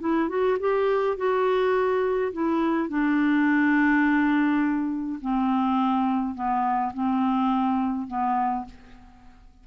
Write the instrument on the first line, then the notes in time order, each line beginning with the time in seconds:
clarinet
0.00 E4
0.29 F#4
0.60 G4
1.17 F#4
2.32 E4
2.89 D4
5.21 C4
6.35 B3
6.94 C4
8.07 B3